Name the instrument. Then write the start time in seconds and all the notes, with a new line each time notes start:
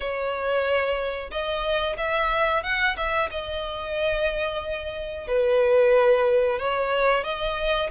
violin
0.00 C#5
1.30 D#5
1.97 E5
2.63 F#5
2.96 E5
3.30 D#5
5.27 B4
6.59 C#5
7.24 D#5